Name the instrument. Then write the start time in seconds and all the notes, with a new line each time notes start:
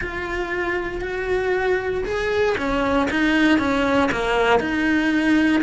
cello
0.01 F4
1.01 F#4
2.04 G#4
2.57 C#4
3.10 D#4
3.58 C#4
4.11 A#3
4.59 D#4